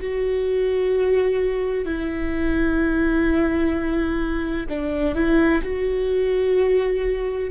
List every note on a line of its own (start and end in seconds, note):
0.00 1.86 F#4
1.86 4.67 E4
4.70 5.16 D4
5.16 5.62 E4
5.63 7.51 F#4